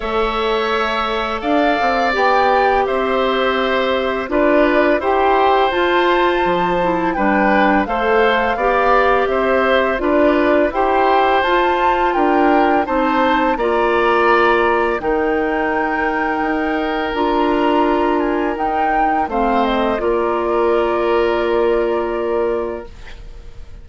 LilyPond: <<
  \new Staff \with { instrumentName = "flute" } { \time 4/4 \tempo 4 = 84 e''2 f''4 g''4 | e''2 d''4 g''4 | a''2 g''4 f''4~ | f''4 e''4 d''4 g''4 |
a''4 g''4 a''4 ais''4~ | ais''4 g''2. | ais''4. gis''8 g''4 f''8 dis''8 | d''1 | }
  \new Staff \with { instrumentName = "oboe" } { \time 4/4 cis''2 d''2 | c''2 b'4 c''4~ | c''2 b'4 c''4 | d''4 c''4 b'4 c''4~ |
c''4 ais'4 c''4 d''4~ | d''4 ais'2.~ | ais'2. c''4 | ais'1 | }
  \new Staff \with { instrumentName = "clarinet" } { \time 4/4 a'2. g'4~ | g'2 f'4 g'4 | f'4. e'8 d'4 a'4 | g'2 f'4 g'4 |
f'2 dis'4 f'4~ | f'4 dis'2. | f'2 dis'4 c'4 | f'1 | }
  \new Staff \with { instrumentName = "bassoon" } { \time 4/4 a2 d'8 c'8 b4 | c'2 d'4 e'4 | f'4 f4 g4 a4 | b4 c'4 d'4 e'4 |
f'4 d'4 c'4 ais4~ | ais4 dis2 dis'4 | d'2 dis'4 a4 | ais1 | }
>>